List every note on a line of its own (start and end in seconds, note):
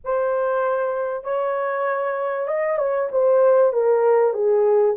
0.04 1.23 C5
1.23 2.47 C#5
2.47 2.78 D#5
2.78 3.08 C#5
3.11 3.73 C5
3.73 4.33 A#4
4.33 4.95 G#4